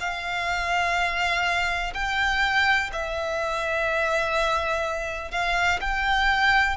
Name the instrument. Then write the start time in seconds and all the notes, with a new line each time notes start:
violin
0.00 F5
1.94 G5
2.93 E5
5.31 F5
5.81 G5